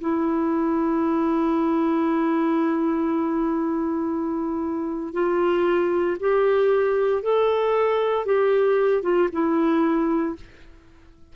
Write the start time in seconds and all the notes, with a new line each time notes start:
0.00 E4
5.13 F4
6.20 G4
7.22 A4
8.25 G4
9.02 F4
9.32 E4